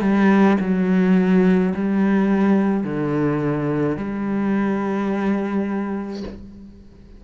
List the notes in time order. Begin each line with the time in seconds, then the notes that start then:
0.00 G3
0.60 F#3
1.74 G3
2.84 D3
3.97 G3